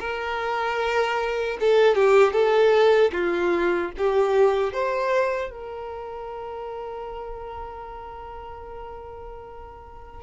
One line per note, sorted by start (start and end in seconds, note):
0.00 1.58 A#4
1.60 1.95 A4
1.95 2.33 G4
2.33 3.11 A4
3.12 3.91 F4
3.98 4.73 G4
4.73 5.50 C5
5.50 10.23 A#4